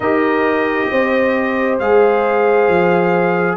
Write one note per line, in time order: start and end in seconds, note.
0.00 0.87 D#4
0.00 1.80 G4
0.00 0.88 A#4
0.00 1.78 D#5
0.90 1.79 C4
0.90 3.57 C5
1.79 2.68 G#3
1.79 3.57 G#4
1.79 3.57 F5
2.68 3.57 F3